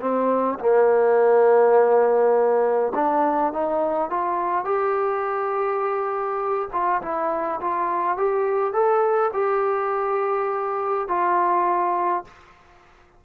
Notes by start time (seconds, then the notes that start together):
0.00 C4
0.59 A#3
2.94 D4
3.52 D#4
4.10 F4
4.64 G4
6.72 F4
7.01 E4
7.60 F4
8.17 G4
8.73 A4
9.33 G4
11.08 F4